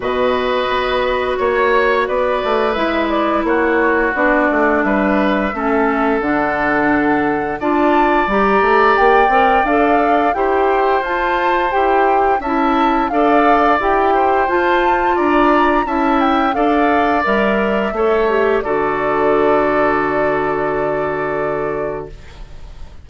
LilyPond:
<<
  \new Staff \with { instrumentName = "flute" } { \time 4/4 \tempo 4 = 87 dis''2 cis''4 d''4 | e''8 d''8 cis''4 d''4 e''4~ | e''4 fis''2 a''4 | ais''4 g''4 f''4 g''4 |
a''4 g''4 a''4 f''4 | g''4 a''4 ais''4 a''8 g''8 | f''4 e''2 d''4~ | d''1 | }
  \new Staff \with { instrumentName = "oboe" } { \time 4/4 b'2 cis''4 b'4~ | b'4 fis'2 b'4 | a'2. d''4~ | d''2. c''4~ |
c''2 e''4 d''4~ | d''8 c''4. d''4 e''4 | d''2 cis''4 a'4~ | a'1 | }
  \new Staff \with { instrumentName = "clarinet" } { \time 4/4 fis'1 | e'2 d'2 | cis'4 d'2 f'4 | g'4. ais'8 a'4 g'4 |
f'4 g'4 e'4 a'4 | g'4 f'2 e'4 | a'4 ais'4 a'8 g'8 fis'4~ | fis'1 | }
  \new Staff \with { instrumentName = "bassoon" } { \time 4/4 b,4 b4 ais4 b8 a8 | gis4 ais4 b8 a8 g4 | a4 d2 d'4 | g8 a8 ais8 c'8 d'4 e'4 |
f'4 e'4 cis'4 d'4 | e'4 f'4 d'4 cis'4 | d'4 g4 a4 d4~ | d1 | }
>>